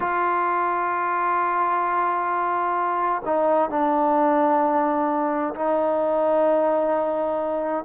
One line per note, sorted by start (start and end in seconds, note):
0.00 3.22 F4
3.25 3.69 D#4
3.69 5.54 D4
5.54 7.84 D#4